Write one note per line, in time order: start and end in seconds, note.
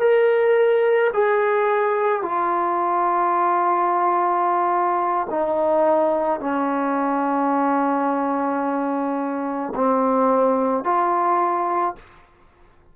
0.00 1.11 A#4
1.14 2.23 G#4
2.23 5.28 F4
5.31 6.40 D#4
6.40 9.74 C#4
9.76 10.85 C4
10.85 11.96 F4